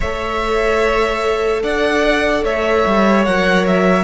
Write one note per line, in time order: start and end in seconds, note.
0.00 1.62 A3
0.00 3.25 A4
0.00 1.62 C#5
0.00 1.62 E5
1.62 2.43 D4
1.62 2.43 D5
1.62 2.44 F#5
2.43 2.84 A3
2.43 4.04 C#5
2.43 3.24 E5
2.86 3.27 G3
3.24 4.04 F#3
3.24 4.04 A#4
3.24 3.65 F#5
3.67 4.04 E5